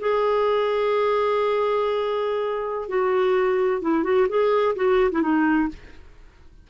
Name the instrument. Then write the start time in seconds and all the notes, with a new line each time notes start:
clarinet
0.00 G#4
2.89 F#4
3.82 E4
4.04 F#4
4.29 G#4
4.76 F#4
5.12 E4
5.22 D#4